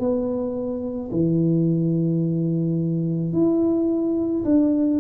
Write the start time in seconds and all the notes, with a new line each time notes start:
0.00 B3
1.12 E3
3.33 E4
4.45 D4